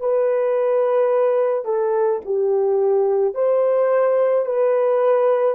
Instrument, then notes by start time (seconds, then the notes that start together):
horn
0.00 B4
1.65 A4
2.25 G4
3.34 C5
4.45 B4